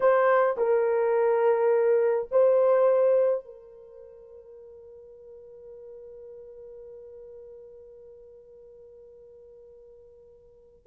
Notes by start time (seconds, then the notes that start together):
0.00 C5
0.57 A#4
2.31 C5
3.44 A#4